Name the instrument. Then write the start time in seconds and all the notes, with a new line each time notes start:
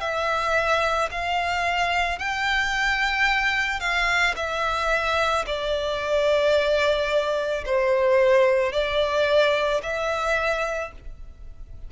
violin
0.00 E5
1.11 F5
2.19 G5
3.80 F5
4.36 E5
5.46 D5
7.66 C5
8.72 D5
9.83 E5